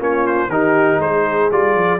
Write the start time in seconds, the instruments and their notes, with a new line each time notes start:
0.00 tuba A#3, trombone C#4, horn F4, trumpet C#5
0.27 trumpet C5
0.48 tuba D#3, trombone D#4, horn G4, trumpet A#4
0.99 tuba G#3, horn G#4, trumpet C5
1.51 tuba G3, trombone F4, trumpet D5
1.75 tuba F3